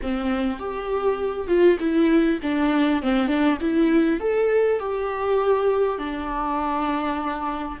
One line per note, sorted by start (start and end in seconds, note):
0.02 0.59 C4
0.59 1.47 G4
1.47 1.77 F4
1.79 2.39 E4
2.42 3.02 D4
3.02 3.27 C4
3.27 3.57 D4
3.61 4.20 E4
4.20 4.79 A4
4.79 5.98 G4
5.98 7.78 D4